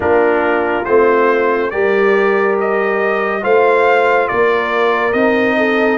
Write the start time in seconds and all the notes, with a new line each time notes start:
0.00 A#3 D4 F4 A#4
0.84 A3 C4 C5
1.70 G3 G4 A#4 D5
2.60 D#5
3.41 A3 F4 C5 F5
4.27 A#3 A#4 D5
5.12 C4 D#4 D#5
5.57 A4